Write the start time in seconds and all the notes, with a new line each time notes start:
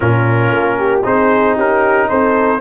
0.00 A#2 C#4 F4 A#4
0.51 A#3
0.78 G4
1.03 C4 D#4 G#4 C5
1.55 C#4 G4 A#4
2.08 C4 A4 C5